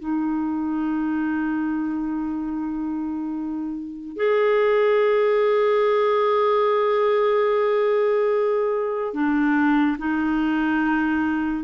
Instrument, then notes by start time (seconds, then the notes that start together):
clarinet
0.00 D#4
4.17 G#4
9.14 D4
9.98 D#4